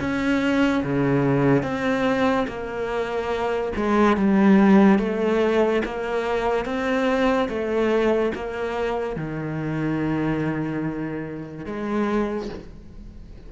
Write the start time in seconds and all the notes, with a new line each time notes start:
0.00 C#4
0.84 C#3
1.63 C4
2.48 A#3
3.76 G#3
4.17 G3
4.99 A3
5.85 A#3
6.66 C4
7.49 A3
8.35 A#3
9.16 D#3
11.66 G#3